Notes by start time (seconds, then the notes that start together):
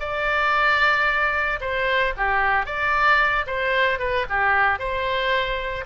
0.00 D5
1.61 C5
2.17 G4
2.66 D5
3.47 C5
3.99 B4
4.30 G4
4.79 C5